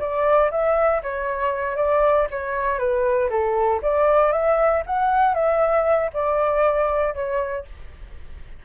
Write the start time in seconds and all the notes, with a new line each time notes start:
0.00 D5
0.51 E5
1.03 C#5
1.77 D5
2.31 C#5
2.79 B4
3.30 A4
3.83 D5
4.32 E5
4.87 F#5
5.34 E5
6.14 D5
7.14 C#5